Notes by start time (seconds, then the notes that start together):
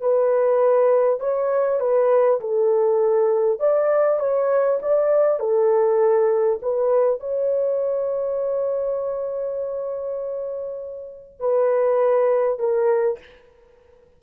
0.00 B4
1.19 C#5
1.80 B4
2.40 A4
3.59 D5
4.19 C#5
4.82 D5
5.39 A4
6.62 B4
7.19 C#5
11.39 B4
12.59 A#4